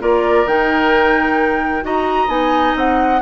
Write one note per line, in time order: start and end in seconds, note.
0.00 0.46 A#3
0.00 0.46 F4
0.00 1.84 A#4
0.00 0.47 D5
0.46 1.83 D#3
0.46 1.81 D#4
0.46 1.84 G5
1.81 2.27 D#4
1.81 2.27 F#4
1.81 3.21 D#5
1.81 2.29 A#5
2.27 2.73 B3
2.27 3.19 D#4
2.27 2.75 G#5
2.76 3.21 C4
2.76 3.21 F#5